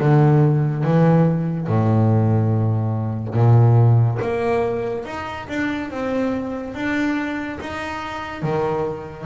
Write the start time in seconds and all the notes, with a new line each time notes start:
0.00 D3
0.83 E3
1.67 A2
3.34 A#2
4.21 A#3
5.05 D#4
5.49 D4
5.90 C4
6.74 D4
7.60 D#4
8.42 D#3